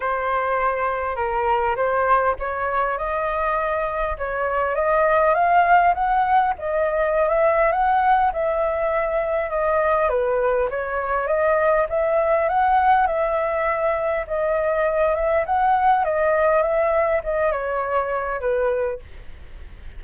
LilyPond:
\new Staff \with { instrumentName = "flute" } { \time 4/4 \tempo 4 = 101 c''2 ais'4 c''4 | cis''4 dis''2 cis''4 | dis''4 f''4 fis''4 dis''4~ | dis''16 e''8. fis''4 e''2 |
dis''4 b'4 cis''4 dis''4 | e''4 fis''4 e''2 | dis''4. e''8 fis''4 dis''4 | e''4 dis''8 cis''4. b'4 | }